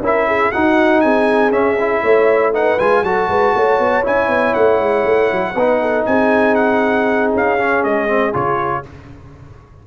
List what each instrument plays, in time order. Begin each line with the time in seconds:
0.00 tuba C#4, trombone E4, horn A#4, trumpet E5
0.27 horn G#4
0.52 trombone D#4, tuba D#4, horn F#4, trumpet F#5
1.01 tuba C4, horn G#4, trumpet G#5
1.52 trombone C#4, tuba C#4, trumpet E5
1.80 trombone E4
2.02 tuba A3, horn C#5
2.53 trombone D#4, horn B4, trumpet F#5
2.79 tuba G#3, trombone F4, trumpet G#5
3.03 tuba F#3, trombone F#4, horn A4, trumpet A5
3.29 tuba G#3, horn B4
3.55 tuba A3, horn C#5
3.79 tuba B3
4.03 tuba C#4, trombone E4, trumpet G#5
4.28 tuba B3
4.54 tuba A3, trumpet F#5
4.79 tuba G#3
5.06 tuba A3
5.32 tuba F#3
5.55 tuba B3, trombone D#4, horn B4
5.81 horn A4
6.06 tuba C4, horn G#4, trumpet G#5
6.55 trumpet F#5
7.34 tuba C#4, trumpet F5
7.58 trombone C#4
7.84 tuba G#3, trumpet D#5
8.08 trombone C4
8.33 tuba C#3, trombone F4, trumpet C#5